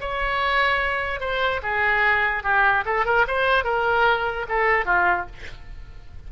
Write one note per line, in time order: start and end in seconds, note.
0.00 1.20 C#5
1.20 1.61 C5
1.63 2.43 G#4
2.43 2.84 G4
2.85 3.05 A4
3.05 3.26 A#4
3.27 3.64 C5
3.64 4.46 A#4
4.49 4.86 A4
4.86 5.26 F4